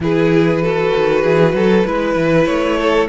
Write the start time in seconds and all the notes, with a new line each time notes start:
0.00 E3 E4 G#4 B4
0.62 F#4 A4
0.96 D#3
1.22 E3 G#4
1.53 F#3 A4
1.86 G#3 E4 B4
2.16 E3
2.46 A3 C#5
2.77 A4